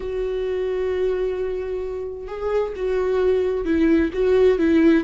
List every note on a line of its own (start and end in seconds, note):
0.00 2.27 F#4
2.27 2.73 G#4
2.76 3.65 F#4
3.65 4.11 E4
4.13 4.58 F#4
4.58 5.04 E4